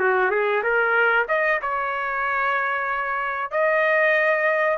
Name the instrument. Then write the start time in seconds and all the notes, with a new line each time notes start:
trumpet
0.00 F#4
0.31 G#4
0.64 A#4
1.29 D#5
1.62 C#5
3.52 D#5